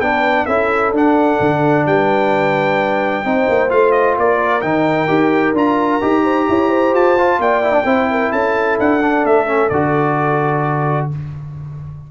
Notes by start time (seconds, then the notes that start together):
0.00 B3 D4 B4 G5
0.45 C#4 E4 A4 E5
0.92 D4 F#5
1.40 D3
1.86 G3 B4 G5
3.24 C4 D#4 C5
3.49 A#3
3.69 A3 F4 F5
3.91 D#5
4.18 A#3 A#4 D5
4.61 D#3 D#4 G5
5.07 D#4 G4
5.53 D4 F4 A#5
6.01 D#4 G4
6.23 C5
6.48 E4 C#5
6.69 C5
6.93 F4 A5
7.18 F4
7.39 A#3 D5 G5
7.63 E4
7.72 D4
7.85 C4 E4 C5
8.11 A#4
8.31 C#4 A4 A5
8.79 D4 F#5
9.00 D4
9.24 A3 E5
9.46 C#4
9.69 D3 F#4 D5